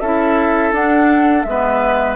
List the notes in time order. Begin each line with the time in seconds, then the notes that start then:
0.00 C#4 E4 A4 E5
0.72 D4 F#5
1.43 G#3 B3 E5
1.49 B4